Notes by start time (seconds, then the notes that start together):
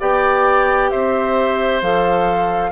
0.00 B3 G4 D5 G5
0.91 C4 C5 E5
1.82 F3 A4 F5